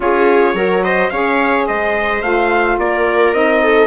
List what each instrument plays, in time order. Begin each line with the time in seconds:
0.00 bassoon C#4, saxophone F4, viola G#4, trumpet C#5
0.53 bassoon F#3, saxophone F#4, viola A#4
0.83 viola C5, trumpet D#5
1.10 bassoon C#4, saxophone G#4, viola C#5, trumpet F5
1.66 bassoon G#3, viola C5, trumpet D#5
2.21 bassoon A3, saxophone F4, trumpet F5
2.78 bassoon A#3, viola A#4, trumpet D5
3.33 bassoon C4, saxophone D#4, trumpet D#5
3.62 viola A4